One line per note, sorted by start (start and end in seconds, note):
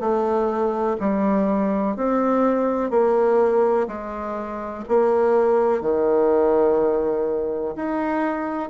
0.00 0.97 A3
1.00 1.97 G3
1.97 2.90 C4
2.90 3.87 A#3
3.88 4.84 G#3
4.88 5.81 A#3
5.81 7.75 D#3
7.76 8.70 D#4